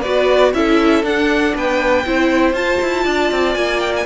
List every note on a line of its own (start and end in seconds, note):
0.00 0.54 B3
0.00 0.55 F#4
0.00 0.50 B4
0.00 0.52 D5
0.54 1.03 C#4
0.54 1.04 E4
0.54 1.56 A4
0.54 1.05 E5
1.03 1.54 D4
1.03 2.05 D4
1.03 1.56 F#5
1.55 2.06 B3
1.55 2.06 B4
1.55 2.55 G5
2.06 2.53 C4
2.06 2.55 E4
2.06 3.05 C5
2.53 2.78 F4
2.53 4.06 F4
2.53 3.55 A5
2.82 3.06 E4
3.05 3.32 D4
3.05 4.05 D5
3.32 3.55 C4
3.55 4.06 A#3
3.55 3.80 G#5
3.80 3.93 G5
3.97 4.06 G#5